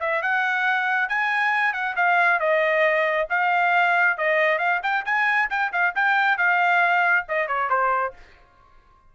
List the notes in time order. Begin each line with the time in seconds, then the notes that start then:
0.00 E5
0.22 F#5
1.09 G#5
1.73 F#5
1.96 F5
2.40 D#5
3.30 F5
4.18 D#5
4.59 F5
4.83 G5
5.05 G#5
5.50 G5
5.73 F5
5.95 G5
6.38 F5
7.29 D#5
7.48 C#5
7.70 C5